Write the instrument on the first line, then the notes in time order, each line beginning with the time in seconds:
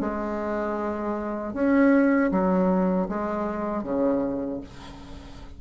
bassoon
0.00 G#3
1.53 C#4
2.31 F#3
3.08 G#3
3.84 C#3